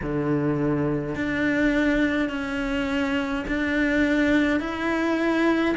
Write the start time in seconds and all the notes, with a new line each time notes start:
0.02 D3
1.15 D4
2.29 C#4
3.47 D4
4.59 E4